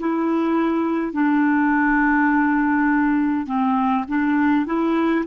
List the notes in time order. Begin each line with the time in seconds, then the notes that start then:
0.00 E4
1.13 D4
3.46 C4
4.08 D4
4.66 E4